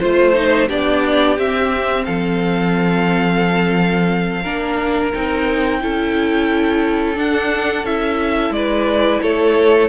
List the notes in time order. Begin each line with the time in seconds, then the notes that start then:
0.00 A3 F4 C5
0.35 D#4
0.68 B3 D4 G4 D5
1.38 C4 E5
2.05 F3 A4 F5
4.43 A#3 D4 A#4
5.13 C4 D#4 G5
5.81 C#4 E4 A4
7.16 D4 F#5
7.84 C#4 E4 E5
8.51 G#3 B4 D5
9.22 A3 A4 C#5